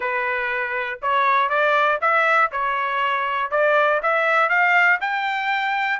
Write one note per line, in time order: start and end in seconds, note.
0.00 0.99 B4
1.02 1.49 C#5
1.49 1.99 D5
2.01 2.51 E5
2.51 3.50 C#5
3.50 4.00 D5
4.02 4.49 E5
4.49 4.99 F5
5.00 5.99 G5